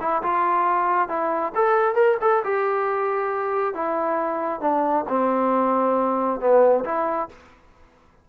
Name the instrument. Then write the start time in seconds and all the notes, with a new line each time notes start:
trombone
0.00 E4
0.22 F4
1.08 E4
1.55 A4
1.95 A#4
2.21 A4
2.44 G4
3.74 E4
4.60 D4
5.08 C4
6.40 B3
6.84 E4